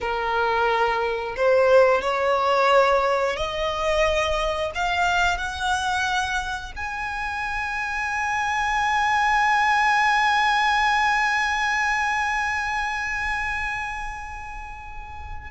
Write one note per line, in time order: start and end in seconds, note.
0.00 1.35 A#4
1.36 2.01 C5
2.01 3.36 C#5
3.36 4.71 D#5
4.74 5.37 F5
5.37 6.72 F#5
6.76 15.50 G#5